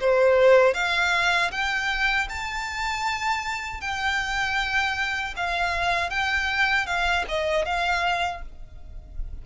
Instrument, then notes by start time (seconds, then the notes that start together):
violin
0.00 C5
0.74 F5
1.51 G5
2.29 A5
3.81 G5
5.36 F5
6.10 G5
6.86 F5
7.29 D#5
7.65 F5